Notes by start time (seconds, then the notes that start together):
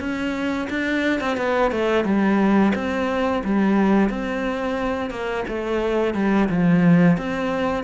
0.00 C#4
0.70 D4
1.21 C4
1.37 B3
1.72 A3
2.05 G3
2.75 C4
3.45 G3
4.10 C4
5.10 A#3
5.49 A3
6.15 G3
6.49 F3
7.17 C4